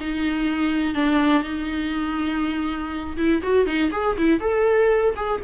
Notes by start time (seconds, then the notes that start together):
0.00 D#4
0.94 D4
1.43 D#4
3.17 E4
3.42 F#4
3.66 D#4
3.92 G#4
4.18 E4
4.40 A4
5.16 G#4